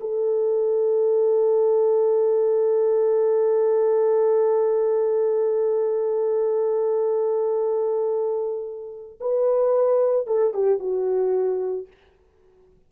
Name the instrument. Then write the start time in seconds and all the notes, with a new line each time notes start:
horn
0.00 A4
9.20 B4
10.26 A4
10.53 G4
10.79 F#4